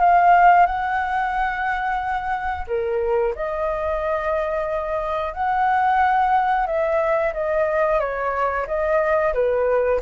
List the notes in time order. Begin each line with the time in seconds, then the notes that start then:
0.00 F5
0.66 F#5
2.68 A#4
3.35 D#5
5.33 F#5
6.66 E5
7.33 D#5
8.00 C#5
8.67 D#5
9.34 B4